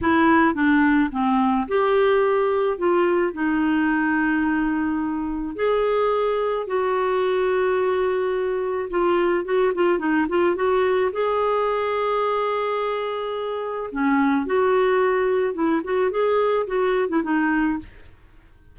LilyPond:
\new Staff \with { instrumentName = "clarinet" } { \time 4/4 \tempo 4 = 108 e'4 d'4 c'4 g'4~ | g'4 f'4 dis'2~ | dis'2 gis'2 | fis'1 |
f'4 fis'8 f'8 dis'8 f'8 fis'4 | gis'1~ | gis'4 cis'4 fis'2 | e'8 fis'8 gis'4 fis'8. e'16 dis'4 | }